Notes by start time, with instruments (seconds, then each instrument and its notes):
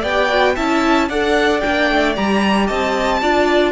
0.00 cello B3, viola G4, violin D5 G5
0.29 viola F#4
0.55 cello C#4, viola E4, violin E5 A5
1.08 cello D4, viola A4, violin D5 F#5
1.60 cello A#3, viola D4, violin G5
1.90 cello A3
2.16 cello G3, viola G4, violin A#5
2.66 cello C4, violin D#5 A5
3.22 cello D4, viola F4, violin D5